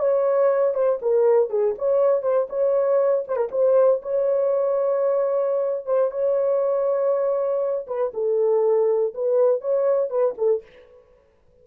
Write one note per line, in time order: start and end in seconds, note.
0.00 0.75 C#5
0.75 1.00 C5
1.02 1.50 A#4
1.50 1.75 G#4
1.79 2.23 C#5
2.23 2.48 C5
2.50 3.25 C#5
3.28 3.37 C5
3.37 3.49 A#4
3.52 4.02 C5
4.03 5.86 C#5
5.86 6.11 C5
6.11 7.86 C#5
7.88 8.12 B4
8.14 9.14 A4
9.15 9.61 B4
9.61 10.10 C#5
10.10 10.35 B4
10.38 10.63 A4